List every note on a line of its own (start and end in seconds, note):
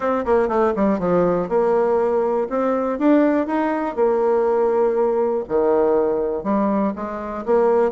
0.00 0.25 C4
0.25 0.48 A#3
0.48 0.73 A3
0.75 0.99 G3
0.99 1.49 F3
1.49 2.48 A#3
2.49 2.99 C4
2.99 3.46 D4
3.46 3.95 D#4
3.95 5.44 A#3
5.48 6.43 D#3
6.43 6.93 G3
6.95 7.45 G#3
7.45 7.91 A#3